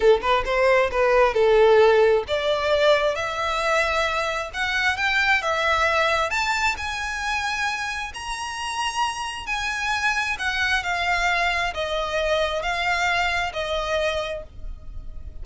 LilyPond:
\new Staff \with { instrumentName = "violin" } { \time 4/4 \tempo 4 = 133 a'8 b'8 c''4 b'4 a'4~ | a'4 d''2 e''4~ | e''2 fis''4 g''4 | e''2 a''4 gis''4~ |
gis''2 ais''2~ | ais''4 gis''2 fis''4 | f''2 dis''2 | f''2 dis''2 | }